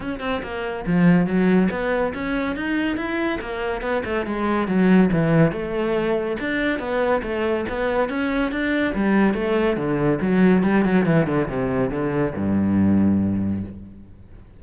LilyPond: \new Staff \with { instrumentName = "cello" } { \time 4/4 \tempo 4 = 141 cis'8 c'8 ais4 f4 fis4 | b4 cis'4 dis'4 e'4 | ais4 b8 a8 gis4 fis4 | e4 a2 d'4 |
b4 a4 b4 cis'4 | d'4 g4 a4 d4 | fis4 g8 fis8 e8 d8 c4 | d4 g,2. | }